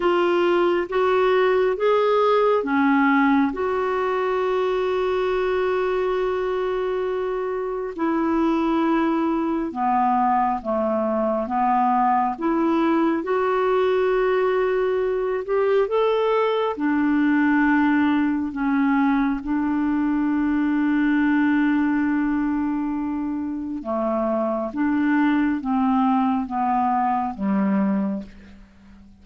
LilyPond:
\new Staff \with { instrumentName = "clarinet" } { \time 4/4 \tempo 4 = 68 f'4 fis'4 gis'4 cis'4 | fis'1~ | fis'4 e'2 b4 | a4 b4 e'4 fis'4~ |
fis'4. g'8 a'4 d'4~ | d'4 cis'4 d'2~ | d'2. a4 | d'4 c'4 b4 g4 | }